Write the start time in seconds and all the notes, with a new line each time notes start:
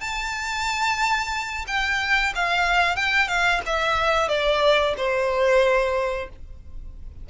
0.00 A5
1.67 G5
2.35 F5
2.96 G5
3.28 F5
3.66 E5
4.28 D5
4.97 C5